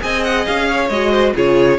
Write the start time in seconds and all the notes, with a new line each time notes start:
0.00 C4 G#4 D#5 G#5
0.24 F#5
0.46 C#4 F5
0.69 C#5
0.89 G#3 F#4 D#5
1.11 C5
1.35 C#3 F4 G#4 C#5